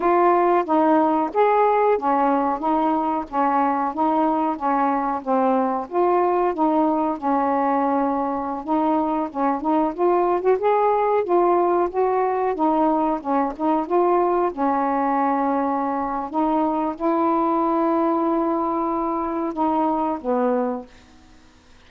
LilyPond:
\new Staff \with { instrumentName = "saxophone" } { \time 4/4 \tempo 4 = 92 f'4 dis'4 gis'4 cis'4 | dis'4 cis'4 dis'4 cis'4 | c'4 f'4 dis'4 cis'4~ | cis'4~ cis'16 dis'4 cis'8 dis'8 f'8. |
fis'16 gis'4 f'4 fis'4 dis'8.~ | dis'16 cis'8 dis'8 f'4 cis'4.~ cis'16~ | cis'4 dis'4 e'2~ | e'2 dis'4 b4 | }